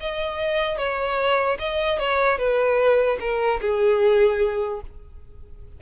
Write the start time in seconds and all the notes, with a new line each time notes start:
0.00 D#5
0.77 C#5
1.59 D#5
1.99 C#5
2.38 B4
3.20 A#4
3.61 G#4